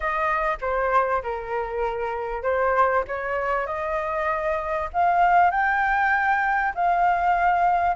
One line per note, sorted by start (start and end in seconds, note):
0.00 0.57 D#5
0.61 1.22 C5
1.22 2.42 A#4
2.42 3.04 C5
3.07 3.66 C#5
3.66 4.89 D#5
4.93 5.50 F5
5.50 6.73 G5
6.75 7.96 F5